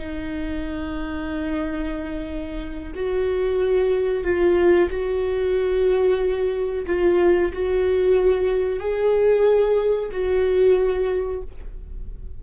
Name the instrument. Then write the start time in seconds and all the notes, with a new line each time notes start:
viola
0.00 D#4
2.96 F#4
4.25 F4
4.91 F#4
6.87 F4
7.53 F#4
8.80 G#4
10.12 F#4